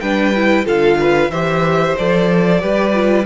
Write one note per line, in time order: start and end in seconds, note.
0.00 0.66 G3
0.00 0.35 D4
0.00 0.65 B4
0.00 0.65 G5
0.35 0.65 E4
0.65 1.29 D3
0.65 1.31 F4
0.65 0.98 A4
0.65 1.31 F5
0.99 1.31 B4
1.29 1.95 E3
1.29 1.98 G4
1.29 2.61 C5
1.29 1.96 E5
1.97 2.62 F3
1.97 2.61 A4
1.97 3.26 D5
2.61 3.26 G3
2.61 2.93 G4
2.61 3.26 B4
2.94 3.26 F4